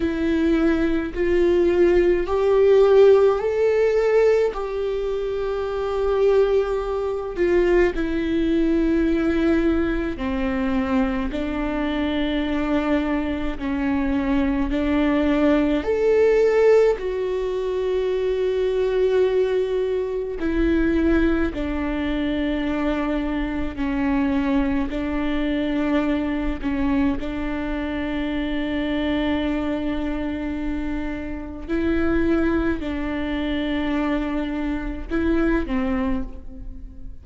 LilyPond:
\new Staff \with { instrumentName = "viola" } { \time 4/4 \tempo 4 = 53 e'4 f'4 g'4 a'4 | g'2~ g'8 f'8 e'4~ | e'4 c'4 d'2 | cis'4 d'4 a'4 fis'4~ |
fis'2 e'4 d'4~ | d'4 cis'4 d'4. cis'8 | d'1 | e'4 d'2 e'8 c'8 | }